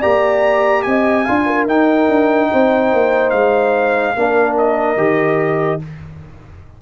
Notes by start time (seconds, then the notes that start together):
0.00 A#3 G4 D5 A#5
0.83 C4 D#5 G#5
1.25 D4 F4 F5
1.47 A#4
1.67 D#4 G5
2.09 D4
2.52 C4 C5
2.93 A#3
3.30 G#3 F5
4.16 A#3 D4 A#4
4.58 D#5
4.97 D#3 G4